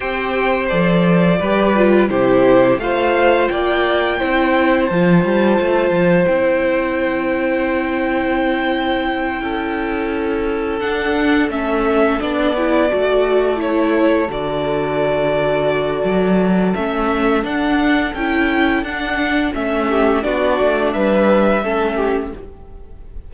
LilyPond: <<
  \new Staff \with { instrumentName = "violin" } { \time 4/4 \tempo 4 = 86 g''4 d''2 c''4 | f''4 g''2 a''4~ | a''4 g''2.~ | g''2.~ g''8 fis''8~ |
fis''8 e''4 d''2 cis''8~ | cis''8 d''2.~ d''8 | e''4 fis''4 g''4 fis''4 | e''4 d''4 e''2 | }
  \new Staff \with { instrumentName = "violin" } { \time 4/4 c''2 b'4 g'4 | c''4 d''4 c''2~ | c''1~ | c''4. a'2~ a'8~ |
a'2 gis'8 a'4.~ | a'1~ | a'1~ | a'8 g'8 fis'4 b'4 a'8 g'8 | }
  \new Staff \with { instrumentName = "viola" } { \time 4/4 g'4 a'4 g'8 f'8 e'4 | f'2 e'4 f'4~ | f'4 e'2.~ | e'2.~ e'8 d'8~ |
d'8 cis'4 d'8 e'8 fis'4 e'8~ | e'8 fis'2.~ fis'8 | cis'4 d'4 e'4 d'4 | cis'4 d'2 cis'4 | }
  \new Staff \with { instrumentName = "cello" } { \time 4/4 c'4 f4 g4 c4 | a4 ais4 c'4 f8 g8 | a8 f8 c'2.~ | c'4. cis'2 d'8~ |
d'8 a4 b4 a4.~ | a8 d2~ d8 fis4 | a4 d'4 cis'4 d'4 | a4 b8 a8 g4 a4 | }
>>